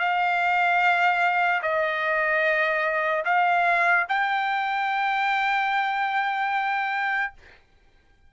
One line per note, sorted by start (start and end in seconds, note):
0.00 1.62 F5
1.63 3.25 D#5
3.25 4.07 F5
4.09 7.33 G5